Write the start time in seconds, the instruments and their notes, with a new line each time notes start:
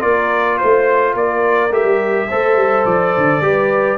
0.00 tuba A#3, trombone F4, horn A#4, trumpet D5
0.58 tuba A3, trumpet C5, horn C5
1.15 tuba A#3, horn A#4, trumpet D5
1.71 tuba A3, trombone G4, trumpet E5
1.84 tuba G3
2.29 tuba A3, trombone A4, horn C5
2.56 tuba G3
2.85 tuba F3, trumpet D5
3.17 tuba D3
3.41 tuba G3, trombone G4, horn B4